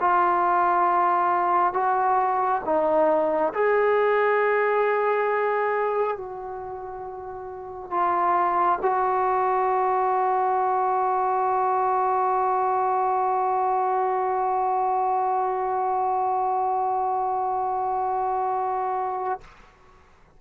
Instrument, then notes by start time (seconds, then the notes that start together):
trombone
0.00 F4
1.73 F#4
2.65 D#4
3.54 G#4
6.17 F#4
7.91 F4
8.82 F#4